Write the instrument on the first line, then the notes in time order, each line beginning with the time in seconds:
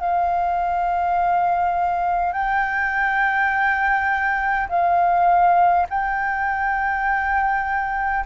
flute
0.00 F5
2.33 G5
4.69 F5
5.90 G5